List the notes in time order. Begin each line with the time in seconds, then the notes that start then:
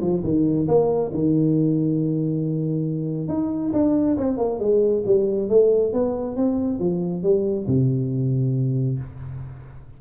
0.00 F3
0.23 D#3
0.67 A#3
1.13 D#3
3.28 D#4
3.73 D4
4.17 C4
4.37 A#3
4.59 G#3
5.05 G3
5.49 A3
5.92 B3
6.36 C4
6.79 F3
7.22 G3
7.67 C3